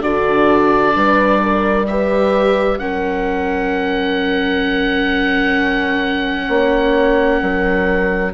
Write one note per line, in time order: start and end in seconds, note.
0.00 0.94 D3
0.00 1.85 D4
0.00 0.93 F#4
0.00 1.86 D5
0.95 2.79 G3
0.95 1.41 B4
1.42 1.88 A#4
1.86 2.79 G4
1.86 2.80 B4
1.86 2.78 E5
2.78 6.48 F#3
2.78 8.33 C#4
2.78 6.47 A#4
2.78 8.32 F#5
6.47 7.41 A#3
6.47 7.39 C#5
7.42 8.33 F#3
7.42 8.33 A#4